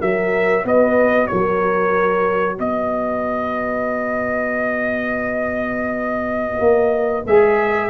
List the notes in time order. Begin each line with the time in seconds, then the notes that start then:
0.00 F#3 F#4 A#4 E5
0.64 B3 B4 D#5
1.27 F#3 A#4 C#5
2.57 B3 B4 D#5
6.60 A#3
7.26 G#3 G#4 E5